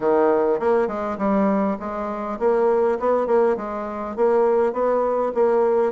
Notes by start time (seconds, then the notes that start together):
0.00 D#3
0.59 A#3
0.87 G#3
1.17 G3
1.79 G#3
2.39 A#3
2.99 B3
3.26 A#3
3.56 G#3
4.16 A#3
4.73 B3
5.34 A#3